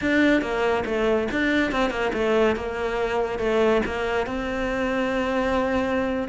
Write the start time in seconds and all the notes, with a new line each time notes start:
0.01 D4
0.41 A#3
0.85 A3
1.31 D4
1.71 C4
1.90 A#3
2.13 A3
2.56 A#3
3.38 A3
3.85 A#3
4.26 C4